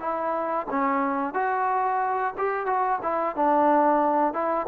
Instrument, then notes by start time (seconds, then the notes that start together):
trombone
0.00 E4
0.70 C#4
1.34 F#4
2.38 G4
2.66 F#4
3.03 E4
3.36 D4
4.33 E4